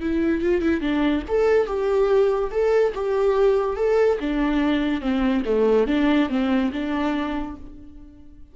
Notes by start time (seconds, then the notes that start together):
0.00 E4
0.41 F4
0.62 E4
0.80 D4
1.28 A4
1.66 G4
2.51 A4
2.94 G4
3.76 A4
4.20 D4
5.01 C4
5.45 A3
5.87 D4
6.29 C4
6.72 D4